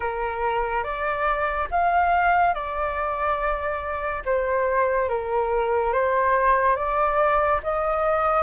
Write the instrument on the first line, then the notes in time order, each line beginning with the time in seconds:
flute
0.00 A#4
0.83 D5
1.71 F5
2.54 D5
4.25 C5
5.09 A#4
5.92 C5
6.76 D5
7.63 D#5